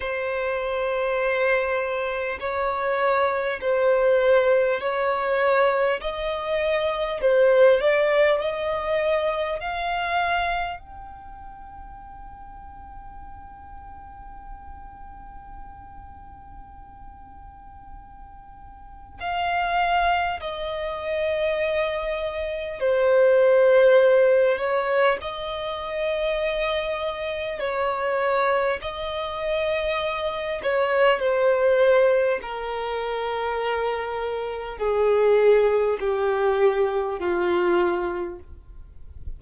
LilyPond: \new Staff \with { instrumentName = "violin" } { \time 4/4 \tempo 4 = 50 c''2 cis''4 c''4 | cis''4 dis''4 c''8 d''8 dis''4 | f''4 g''2.~ | g''1 |
f''4 dis''2 c''4~ | c''8 cis''8 dis''2 cis''4 | dis''4. cis''8 c''4 ais'4~ | ais'4 gis'4 g'4 f'4 | }